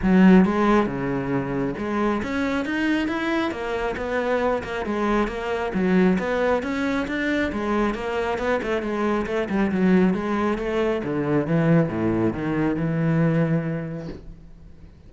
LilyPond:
\new Staff \with { instrumentName = "cello" } { \time 4/4 \tempo 4 = 136 fis4 gis4 cis2 | gis4 cis'4 dis'4 e'4 | ais4 b4. ais8 gis4 | ais4 fis4 b4 cis'4 |
d'4 gis4 ais4 b8 a8 | gis4 a8 g8 fis4 gis4 | a4 d4 e4 a,4 | dis4 e2. | }